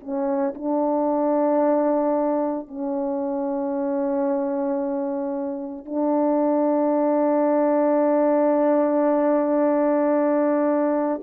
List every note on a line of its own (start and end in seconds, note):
0.00 0.54 C#4
0.55 2.68 D4
2.68 5.85 C#4
5.85 11.21 D4